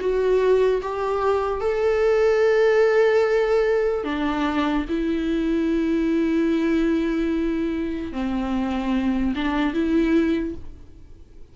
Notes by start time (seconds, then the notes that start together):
0.00 F#4
0.82 G4
1.61 A4
4.04 D4
4.89 E4
8.13 C4
9.35 D4
9.74 E4